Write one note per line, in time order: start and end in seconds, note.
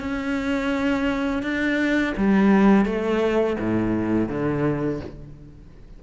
0.00 1.42 C#4
1.42 2.14 D4
2.17 2.85 G3
2.85 3.56 A3
3.60 4.29 A2
4.29 5.00 D3